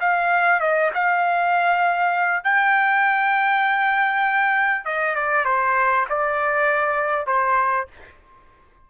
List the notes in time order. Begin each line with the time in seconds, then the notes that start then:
0.00 F5
0.60 D#5
0.94 F5
2.44 G5
4.85 D#5
5.15 D5
5.45 C5
6.09 D5
7.26 C5